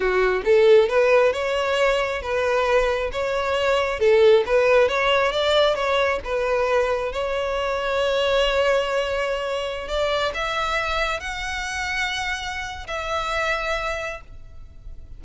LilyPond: \new Staff \with { instrumentName = "violin" } { \time 4/4 \tempo 4 = 135 fis'4 a'4 b'4 cis''4~ | cis''4 b'2 cis''4~ | cis''4 a'4 b'4 cis''4 | d''4 cis''4 b'2 |
cis''1~ | cis''2~ cis''16 d''4 e''8.~ | e''4~ e''16 fis''2~ fis''8.~ | fis''4 e''2. | }